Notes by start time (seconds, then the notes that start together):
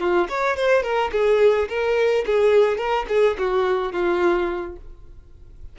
0.00 F4
0.29 C#5
0.57 C5
0.83 A#4
1.13 G#4
1.69 A#4
2.26 G#4
2.78 A#4
3.09 G#4
3.39 F#4
3.93 F4